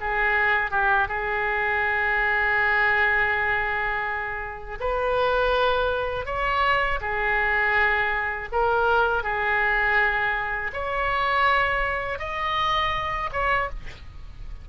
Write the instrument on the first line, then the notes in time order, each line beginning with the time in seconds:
oboe
0.00 G#4
0.70 G4
1.07 G#4
4.80 B4
6.25 C#5
7.00 G#4
8.52 A#4
9.23 G#4
10.73 C#5
12.18 D#5
13.32 C#5